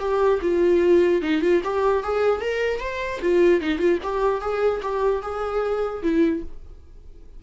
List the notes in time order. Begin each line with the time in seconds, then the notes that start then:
0.00 G4
0.42 F4
1.22 D#4
1.42 F4
1.64 G4
2.04 G#4
2.41 A#4
2.80 C5
3.22 F4
3.61 D#4
3.79 F4
4.04 G4
4.41 G#4
4.83 G4
5.23 G#4
6.03 E4